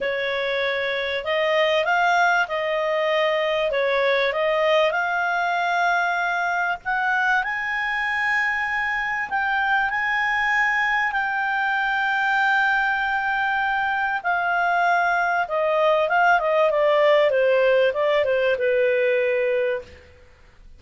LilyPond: \new Staff \with { instrumentName = "clarinet" } { \time 4/4 \tempo 4 = 97 cis''2 dis''4 f''4 | dis''2 cis''4 dis''4 | f''2. fis''4 | gis''2. g''4 |
gis''2 g''2~ | g''2. f''4~ | f''4 dis''4 f''8 dis''8 d''4 | c''4 d''8 c''8 b'2 | }